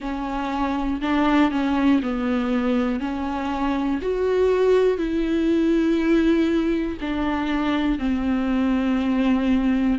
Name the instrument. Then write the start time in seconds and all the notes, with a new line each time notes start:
viola
0.00 C#4
1.01 D4
1.51 C#4
2.02 B3
3.00 C#4
4.01 F#4
4.97 E4
7.00 D4
7.98 C4